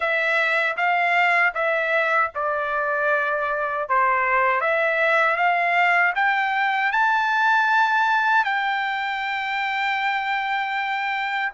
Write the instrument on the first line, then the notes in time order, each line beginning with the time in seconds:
trumpet
0.00 E5
0.77 F5
1.54 E5
2.35 D5
3.88 C5
4.60 E5
5.36 F5
6.15 G5
6.92 A5
8.44 G5